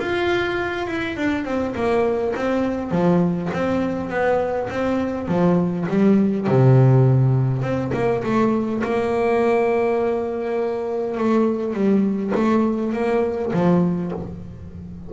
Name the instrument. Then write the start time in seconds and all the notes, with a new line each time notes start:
double bass
0.00 F4
0.88 E4
1.17 D4
1.45 C4
1.76 A#3
2.36 C4
2.92 F3
3.54 C4
4.10 B3
4.71 C4
5.29 F3
5.90 G3
6.48 C3
7.62 C4
7.94 A#3
8.24 A3
8.84 A#3
11.18 A3
11.74 G3
12.35 A3
12.94 A#3
13.54 F3